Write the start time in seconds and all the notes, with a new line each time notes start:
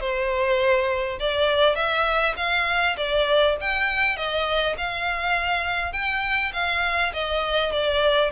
0.00 C5
1.19 D5
1.75 E5
2.36 F5
2.97 D5
3.60 G5
4.16 D#5
4.77 F5
5.92 G5
6.53 F5
7.13 D#5
7.71 D5